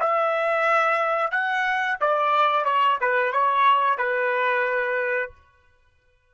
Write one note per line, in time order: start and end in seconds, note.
0.00 1.32 E5
1.32 1.98 F#5
2.01 2.65 D5
2.65 2.99 C#5
3.01 3.33 B4
3.33 3.98 C#5
3.98 5.32 B4